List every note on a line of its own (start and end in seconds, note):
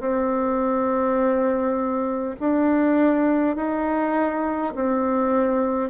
0.00 2.35 C4
2.40 3.56 D4
3.56 4.73 D#4
4.75 5.90 C4